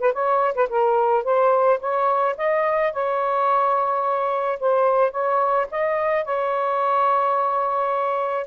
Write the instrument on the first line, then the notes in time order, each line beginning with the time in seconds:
saxophone
0.00 B4
0.13 C#5
0.55 B4
0.69 A#4
1.24 C5
1.80 C#5
2.37 D#5
2.93 C#5
4.60 C5
5.11 C#5
5.71 D#5
6.25 C#5